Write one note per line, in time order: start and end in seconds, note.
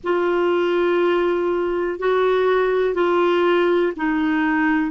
0.03 1.99 F4
1.99 2.94 F#4
2.94 3.93 F4
3.96 4.91 D#4